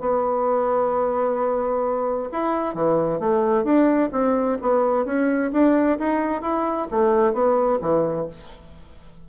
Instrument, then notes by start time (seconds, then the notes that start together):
bassoon
0.00 B3
2.32 E4
2.74 E3
3.20 A3
3.64 D4
4.12 C4
4.62 B3
5.05 C#4
5.52 D4
5.99 D#4
6.41 E4
6.91 A3
7.33 B3
7.81 E3